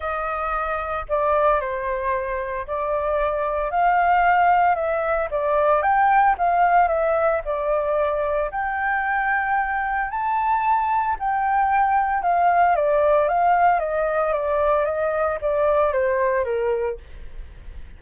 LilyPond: \new Staff \with { instrumentName = "flute" } { \time 4/4 \tempo 4 = 113 dis''2 d''4 c''4~ | c''4 d''2 f''4~ | f''4 e''4 d''4 g''4 | f''4 e''4 d''2 |
g''2. a''4~ | a''4 g''2 f''4 | d''4 f''4 dis''4 d''4 | dis''4 d''4 c''4 ais'4 | }